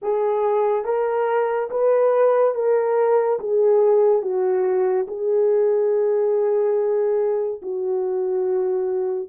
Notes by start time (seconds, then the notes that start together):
0.02 G#4
0.85 A#4
1.70 B4
2.54 A#4
3.39 G#4
4.21 F#4
5.07 G#4
7.62 F#4